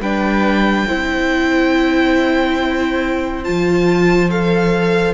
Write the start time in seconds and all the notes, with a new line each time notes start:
0.00 G3 D4 B4 G5
0.87 C4 E4 C5
3.44 F3 F4 A5
4.30 A4 F5